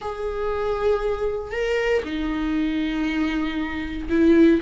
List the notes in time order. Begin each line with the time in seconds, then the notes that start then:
0.01 G#4
1.51 A#4
2.04 D#4
4.09 E4